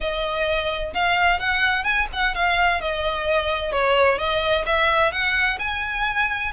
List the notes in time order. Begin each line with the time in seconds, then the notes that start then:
0.00 D#5
0.94 F5
1.39 F#5
1.83 G#5
2.12 F#5
2.34 F5
2.81 D#5
3.71 C#5
4.18 D#5
4.66 E5
5.12 F#5
5.58 G#5